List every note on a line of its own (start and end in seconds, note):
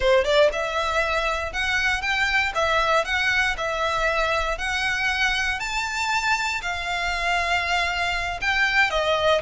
0.00 0.24 C5
0.24 0.49 D5
0.52 1.53 E5
1.53 2.01 F#5
2.01 2.52 G5
2.54 3.05 E5
3.05 3.55 F#5
3.57 4.58 E5
4.58 5.59 F#5
5.59 6.61 A5
6.62 8.40 F5
8.41 8.90 G5
8.90 9.41 D#5